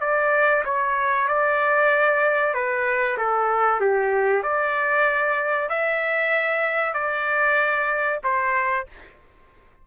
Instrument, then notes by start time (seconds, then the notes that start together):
trumpet
0.00 D5
0.64 C#5
1.28 D5
2.53 B4
3.17 A4
3.80 G4
4.43 D5
5.69 E5
6.93 D5
8.23 C5